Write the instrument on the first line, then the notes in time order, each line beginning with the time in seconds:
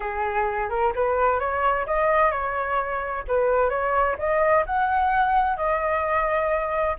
flute
0.00 G#4
0.69 A#4
0.95 B4
1.39 C#5
1.86 D#5
2.31 C#5
3.27 B4
3.69 C#5
4.18 D#5
4.66 F#5
5.56 D#5